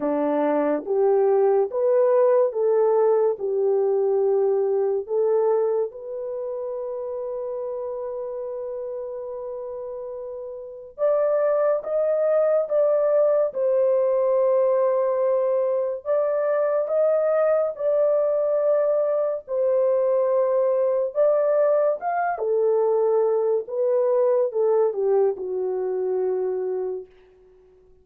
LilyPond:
\new Staff \with { instrumentName = "horn" } { \time 4/4 \tempo 4 = 71 d'4 g'4 b'4 a'4 | g'2 a'4 b'4~ | b'1~ | b'4 d''4 dis''4 d''4 |
c''2. d''4 | dis''4 d''2 c''4~ | c''4 d''4 f''8 a'4. | b'4 a'8 g'8 fis'2 | }